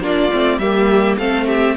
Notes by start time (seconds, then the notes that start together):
0.00 A#3 D4 F4 D5
0.32 A3 C4
0.58 G3 A#3 G4 E5
1.18 A3 C4 A4 F5
1.47 G4 E5